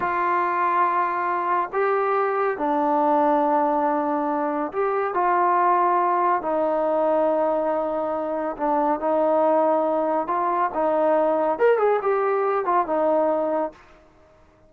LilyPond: \new Staff \with { instrumentName = "trombone" } { \time 4/4 \tempo 4 = 140 f'1 | g'2 d'2~ | d'2. g'4 | f'2. dis'4~ |
dis'1 | d'4 dis'2. | f'4 dis'2 ais'8 gis'8 | g'4. f'8 dis'2 | }